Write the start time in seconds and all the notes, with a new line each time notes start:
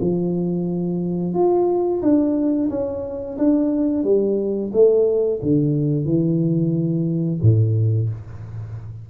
0.00 F3
1.33 F4
2.02 D4
2.70 C#4
3.37 D4
4.04 G3
4.73 A3
5.42 D3
6.05 E3
7.42 A2